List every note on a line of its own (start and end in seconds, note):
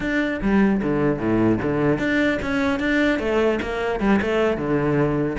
0.00 0.40 D4
0.41 0.81 G3
0.82 1.19 D3
1.19 1.59 A2
1.62 1.98 D3
1.98 2.38 D4
2.42 2.79 C#4
2.79 3.19 D4
3.19 3.59 A3
3.62 4.00 A#3
4.00 4.20 G3
4.21 4.57 A3
4.57 5.37 D3